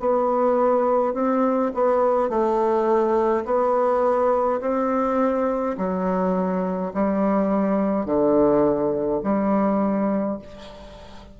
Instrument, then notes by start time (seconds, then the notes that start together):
bassoon
0.00 B3
1.14 C4
1.75 B3
2.30 A3
3.45 B3
4.61 C4
5.77 F#3
6.94 G3
8.06 D3
9.24 G3